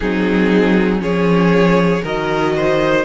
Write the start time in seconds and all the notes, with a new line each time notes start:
0.00 F#3 C4 D#4 G#4
0.99 F3 C#4 G#4 C#5
2.02 D#3 F#4 A#4 D#5
2.56 C5